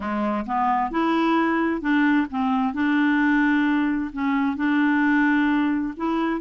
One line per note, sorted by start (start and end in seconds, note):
0.00 0.45 G#3
0.46 0.91 B3
0.91 1.81 E4
1.81 2.27 D4
2.30 2.73 C4
2.73 4.11 D4
4.12 4.56 C#4
4.56 5.94 D4
5.97 6.40 E4